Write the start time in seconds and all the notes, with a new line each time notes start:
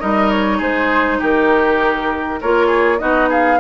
0.00 G3 D#4 A#4 D#5
0.31 C#5
0.58 G#3 G#4 C5
1.20 D#3 G4 A#4
2.41 A#3 F4 A#4 C#5
2.67 G#4
2.99 B3 D#4 F#4 D#5
3.29 G#4 F5